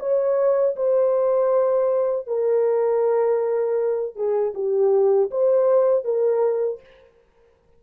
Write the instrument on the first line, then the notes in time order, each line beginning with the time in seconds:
horn
0.00 C#5
0.76 C5
2.27 A#4
4.16 G#4
4.55 G4
5.31 C5
6.05 A#4